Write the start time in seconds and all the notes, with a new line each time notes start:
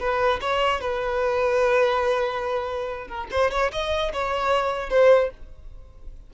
0.00 B4
0.41 C#5
0.81 B4
3.08 A#4
3.31 C5
3.51 C#5
3.72 D#5
4.13 C#5
4.90 C5